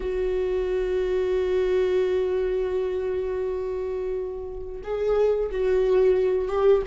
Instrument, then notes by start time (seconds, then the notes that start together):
viola
0.00 F#4
4.83 G#4
5.51 F#4
6.48 G4